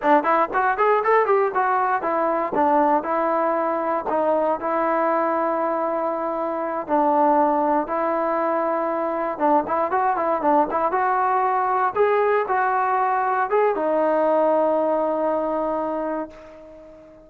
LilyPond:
\new Staff \with { instrumentName = "trombone" } { \time 4/4 \tempo 4 = 118 d'8 e'8 fis'8 gis'8 a'8 g'8 fis'4 | e'4 d'4 e'2 | dis'4 e'2.~ | e'4. d'2 e'8~ |
e'2~ e'8 d'8 e'8 fis'8 | e'8 d'8 e'8 fis'2 gis'8~ | gis'8 fis'2 gis'8 dis'4~ | dis'1 | }